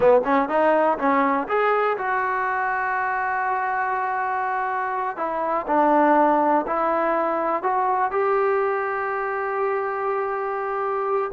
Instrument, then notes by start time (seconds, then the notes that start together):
trombone
0.00 B3
0.24 C#4
0.49 D#4
0.98 C#4
1.48 G#4
1.97 F#4
5.16 E4
5.67 D4
6.66 E4
7.63 F#4
8.11 G4